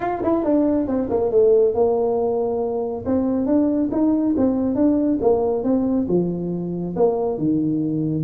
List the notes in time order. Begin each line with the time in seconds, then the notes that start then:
0.00 F4
0.23 E4
0.43 D4
0.87 C4
1.09 A#3
1.31 A3
1.74 A#3
3.05 C4
3.46 D4
3.91 D#4
4.37 C4
4.75 D4
5.21 A#3
5.63 C4
6.08 F3
6.96 A#3
7.38 D#3